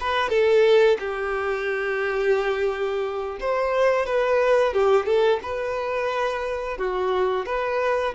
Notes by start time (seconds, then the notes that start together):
0.00 B4
0.29 A4
0.99 G4
3.40 C5
4.06 B4
4.73 G4
5.05 A4
5.42 B4
6.77 F#4
7.46 B4